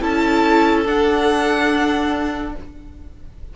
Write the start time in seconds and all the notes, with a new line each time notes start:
0.00 C#4 E4 A4 A5
0.86 D4 F#5